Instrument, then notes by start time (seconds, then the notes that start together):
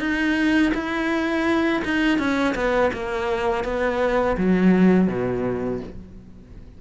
cello
0.00 D#4
0.74 E4
1.85 D#4
2.19 C#4
2.55 B3
2.93 A#3
3.64 B3
4.37 F#3
5.08 B2